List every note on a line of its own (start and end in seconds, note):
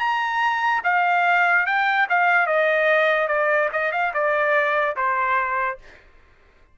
0.00 0.82 A#5
0.84 1.67 F5
1.67 2.08 G5
2.10 2.47 F5
2.47 3.28 D#5
3.28 3.69 D5
3.73 3.92 D#5
3.92 4.13 F5
4.14 4.96 D5
4.97 5.79 C5